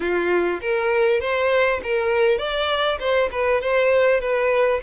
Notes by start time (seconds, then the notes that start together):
0.00 F4
0.61 A#4
1.20 C5
1.83 A#4
2.38 D5
2.99 C5
3.31 B4
3.61 C5
4.20 B4